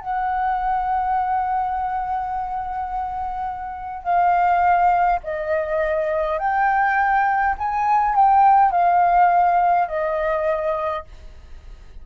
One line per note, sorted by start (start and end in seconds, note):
0.00 4.04 F#5
4.04 5.20 F5
5.24 6.39 D#5
6.39 7.55 G5
7.58 8.15 G#5
8.15 8.72 G5
8.72 9.88 F5
9.88 11.05 D#5